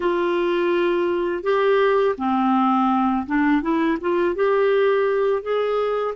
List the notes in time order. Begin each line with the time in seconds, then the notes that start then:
0.00 F4
1.43 G4
2.17 C4
3.26 D4
3.61 E4
4.01 F4
4.35 G4
5.42 G#4